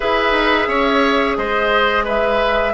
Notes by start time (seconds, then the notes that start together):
0.00 E4 G#4 B4 E5
0.32 D#4
0.67 C#4 C#5
1.36 G#3 C5 D#5
2.04 B4 E5